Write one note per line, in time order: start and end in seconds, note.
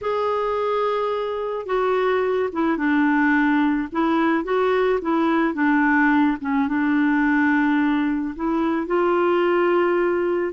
0.01 1.66 G#4
1.66 2.49 F#4
2.52 2.77 E4
2.77 3.88 D4
3.91 4.44 E4
4.44 4.99 F#4
5.01 5.54 E4
5.54 6.37 D4
6.40 6.68 C#4
6.68 8.34 D4
8.35 8.86 E4
8.86 10.53 F4